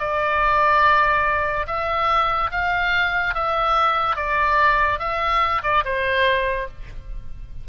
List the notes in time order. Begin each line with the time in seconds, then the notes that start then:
0.00 D5
1.67 E5
2.52 F5
3.35 E5
4.16 D5
5.00 E5
5.63 D5
5.85 C5